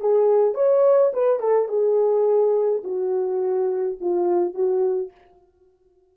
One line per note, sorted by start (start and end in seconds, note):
0.00 0.54 G#4
0.54 1.11 C#5
1.13 1.40 B4
1.40 1.68 A4
1.69 2.83 G#4
2.84 3.98 F#4
4.01 4.54 F4
4.54 5.11 F#4